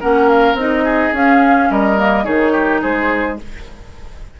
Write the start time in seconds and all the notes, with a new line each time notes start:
0.00 A#3 C#4 A#4 F#5
0.29 F5
0.54 C4 D#4 D#5
0.84 G#4
1.12 C#4 F5
1.70 G3 A#4 D#5
1.97 A#3
2.24 D#3 D#4 G#4 C#5
2.52 G4
2.81 G#3 G#4 C5